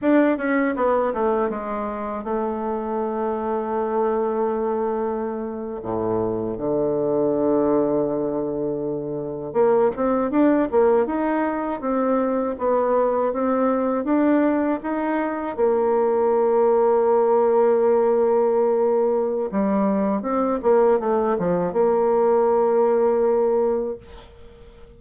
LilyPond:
\new Staff \with { instrumentName = "bassoon" } { \time 4/4 \tempo 4 = 80 d'8 cis'8 b8 a8 gis4 a4~ | a2.~ a8. a,16~ | a,8. d2.~ d16~ | d8. ais8 c'8 d'8 ais8 dis'4 c'16~ |
c'8. b4 c'4 d'4 dis'16~ | dis'8. ais2.~ ais16~ | ais2 g4 c'8 ais8 | a8 f8 ais2. | }